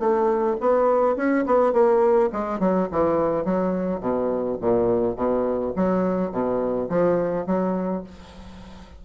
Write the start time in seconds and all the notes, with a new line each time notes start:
0.00 A3
0.61 B3
1.17 C#4
1.46 B3
1.73 A#3
2.32 G#3
2.60 F#3
2.92 E3
3.45 F#3
4.01 B2
4.61 A#2
5.16 B2
5.76 F#3
6.32 B2
6.90 F3
7.46 F#3